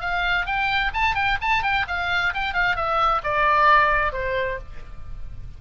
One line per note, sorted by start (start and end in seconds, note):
0.00 0.45 F5
0.45 0.91 G5
0.93 1.15 A5
1.15 1.37 G5
1.41 1.62 A5
1.62 1.85 G5
1.87 2.33 F5
2.34 2.53 G5
2.53 2.76 F5
2.76 3.21 E5
3.23 4.12 D5
4.12 4.58 C5